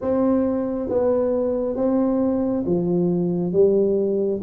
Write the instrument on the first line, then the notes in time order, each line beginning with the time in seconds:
tuba
0.01 C4
0.89 B3
1.76 C4
2.66 F3
3.52 G3